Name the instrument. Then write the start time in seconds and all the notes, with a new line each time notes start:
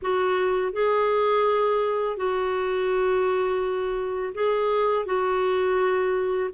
clarinet
0.02 F#4
0.72 G#4
2.16 F#4
4.34 G#4
5.05 F#4